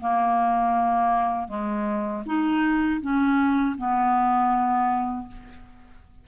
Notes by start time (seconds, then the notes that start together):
0.00 A#3
1.48 G#3
2.25 D#4
3.01 C#4
3.77 B3